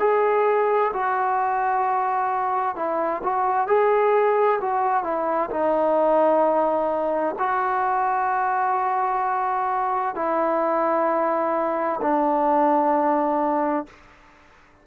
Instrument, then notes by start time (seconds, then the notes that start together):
trombone
0.00 G#4
0.94 F#4
2.76 E4
3.23 F#4
3.68 G#4
4.62 F#4
5.04 E4
5.51 D#4
7.39 F#4
10.16 E4
12.02 D4